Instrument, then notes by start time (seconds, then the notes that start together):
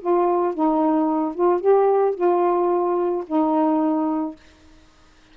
saxophone
0.00 F4
0.54 D#4
1.35 F4
1.60 G4
2.15 F4
3.27 D#4